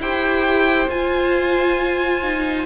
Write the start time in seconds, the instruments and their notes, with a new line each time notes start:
0.00 cello E4, viola G4, violin C5 G5
0.89 cello F4, viola F4, violin G#5
2.24 viola D#4